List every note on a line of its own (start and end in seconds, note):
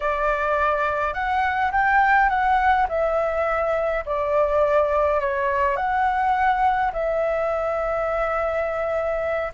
0.00 1.13 D5
1.13 1.71 F#5
1.72 2.29 G5
2.29 2.86 F#5
2.88 4.04 E5
4.05 5.20 D5
5.20 5.76 C#5
5.76 6.91 F#5
6.93 9.52 E5